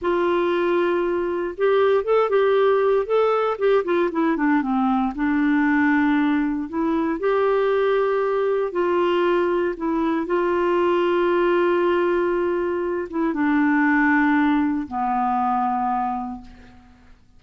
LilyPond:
\new Staff \with { instrumentName = "clarinet" } { \time 4/4 \tempo 4 = 117 f'2. g'4 | a'8 g'4. a'4 g'8 f'8 | e'8 d'8 c'4 d'2~ | d'4 e'4 g'2~ |
g'4 f'2 e'4 | f'1~ | f'4. e'8 d'2~ | d'4 b2. | }